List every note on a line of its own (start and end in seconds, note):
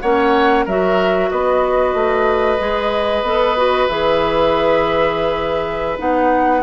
0.00 0.67 A#3
0.00 0.69 C#4
0.00 0.65 C#5
0.00 0.65 F#5
0.65 1.31 F#3
0.65 2.59 F#4
0.65 1.30 A#4
0.65 1.30 E5
1.30 1.94 B3
1.30 6.63 B4
1.30 3.88 D#5
1.94 2.59 A3
2.59 3.22 G#3
2.59 3.24 G#4
3.22 3.87 B3
3.22 3.57 A4
3.57 3.89 F#4
3.89 5.99 E3
3.89 5.98 G#4
3.89 5.98 E5
5.98 6.63 B3
5.98 6.62 D#4
5.98 6.63 F#5